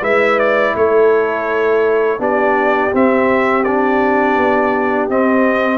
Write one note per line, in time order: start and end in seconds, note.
0.00 0.73 G#3
0.00 2.18 E4
0.00 0.72 B4
0.00 0.38 E5
0.38 0.75 D5
0.75 2.19 A3
0.75 2.19 A4
0.75 2.21 C#5
2.18 2.91 B3
2.18 2.91 D4
2.18 5.78 G4
2.18 2.94 D5
2.91 3.64 C4
2.91 4.36 C4
2.91 3.63 E5
3.63 5.10 D4
3.63 5.08 D5
4.36 5.08 B3
5.09 5.78 C4
5.09 5.78 D#5